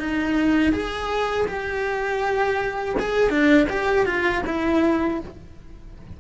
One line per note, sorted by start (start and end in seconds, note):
0.00 0.73 D#4
0.73 1.47 G#4
1.47 2.96 G4
2.99 3.30 G#4
3.30 3.67 D4
3.70 4.06 G4
4.06 4.43 F4
4.46 5.20 E4